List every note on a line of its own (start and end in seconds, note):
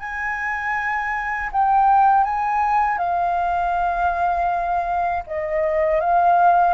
0.00 1.50 G#5
1.52 2.25 G5
2.25 2.99 G#5
2.99 5.24 F5
5.27 6.01 D#5
6.01 6.75 F5